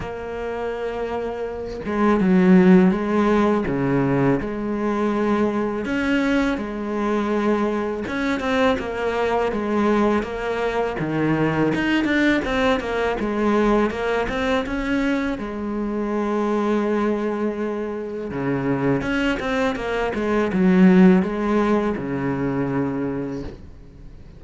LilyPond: \new Staff \with { instrumentName = "cello" } { \time 4/4 \tempo 4 = 82 ais2~ ais8 gis8 fis4 | gis4 cis4 gis2 | cis'4 gis2 cis'8 c'8 | ais4 gis4 ais4 dis4 |
dis'8 d'8 c'8 ais8 gis4 ais8 c'8 | cis'4 gis2.~ | gis4 cis4 cis'8 c'8 ais8 gis8 | fis4 gis4 cis2 | }